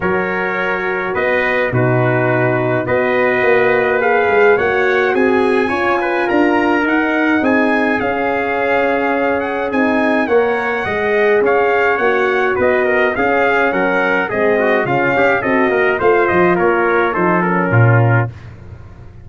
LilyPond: <<
  \new Staff \with { instrumentName = "trumpet" } { \time 4/4 \tempo 4 = 105 cis''2 dis''4 b'4~ | b'4 dis''2 f''4 | fis''4 gis''2 ais''4 | fis''4 gis''4 f''2~ |
f''8 fis''8 gis''4 fis''2 | f''4 fis''4 dis''4 f''4 | fis''4 dis''4 f''4 dis''4 | f''8 dis''8 cis''4 c''8 ais'4. | }
  \new Staff \with { instrumentName = "trumpet" } { \time 4/4 ais'2 b'4 fis'4~ | fis'4 b'2. | cis''4 gis'4 cis''8 b'8 ais'4~ | ais'4 gis'2.~ |
gis'2 cis''4 dis''4 | cis''2 b'8 ais'8 gis'4 | ais'4 gis'8 fis'8 f'8 g'8 a'8 ais'8 | c''4 ais'4 a'4 f'4 | }
  \new Staff \with { instrumentName = "horn" } { \time 4/4 fis'2. dis'4~ | dis'4 fis'2 gis'4 | fis'2 f'2 | dis'2 cis'2~ |
cis'4 dis'4 ais'4 gis'4~ | gis'4 fis'2 cis'4~ | cis'4 c'4 cis'4 fis'4 | f'2 dis'8 cis'4. | }
  \new Staff \with { instrumentName = "tuba" } { \time 4/4 fis2 b4 b,4~ | b,4 b4 ais4. gis8 | ais4 c'4 cis'4 d'4 | dis'4 c'4 cis'2~ |
cis'4 c'4 ais4 gis4 | cis'4 ais4 b4 cis'4 | fis4 gis4 cis8 cis'8 c'8 ais8 | a8 f8 ais4 f4 ais,4 | }
>>